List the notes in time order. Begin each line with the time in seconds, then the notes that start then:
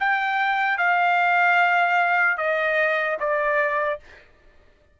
0.00 G5
0.78 F5
2.37 D#5
3.20 D5